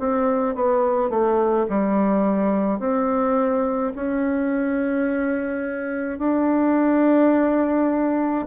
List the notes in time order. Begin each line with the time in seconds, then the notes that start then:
0.00 C4
0.56 B3
1.10 A3
1.69 G3
2.79 C4
3.96 C#4
6.19 D4